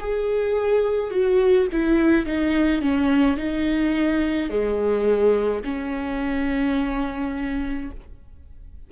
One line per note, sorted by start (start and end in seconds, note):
0.00 1.11 G#4
1.11 1.68 F#4
1.73 2.26 E4
2.26 2.82 D#4
2.82 3.38 C#4
3.38 4.50 D#4
4.50 5.63 G#3
5.64 7.91 C#4